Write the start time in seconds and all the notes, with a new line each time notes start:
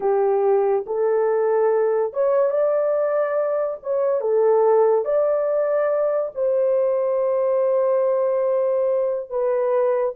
0.00 G4
0.86 A4
2.13 C#5
2.50 D5
3.82 C#5
4.20 A4
5.04 D5
6.34 C5
9.30 B4